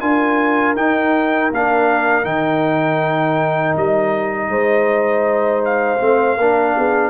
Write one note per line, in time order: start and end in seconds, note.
0.00 0.75 D4
0.00 0.76 F4
0.00 4.50 A#4
0.00 0.75 G#5
0.75 1.50 D#4
0.75 1.52 D#4
0.75 1.51 G5
1.51 2.24 A#3
1.51 2.24 D4
1.51 2.25 F5
2.24 3.74 D#3
2.24 5.99 D#4
2.24 3.75 G5
3.76 4.48 G3
3.76 5.65 D#5
4.48 5.98 G#3
4.48 6.37 C5
5.65 7.09 F5
6.00 6.38 A3
6.00 6.37 C4
6.37 6.75 A#3
6.37 7.09 D4
6.37 6.75 A#4
6.77 7.09 B3
6.77 7.09 G#4